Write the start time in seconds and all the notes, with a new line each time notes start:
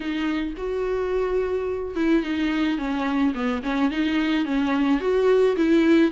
0.00 D#4
0.57 F#4
1.95 E4
2.23 D#4
2.78 C#4
3.34 B3
3.62 C#4
3.90 D#4
4.45 C#4
5.00 F#4
5.56 E4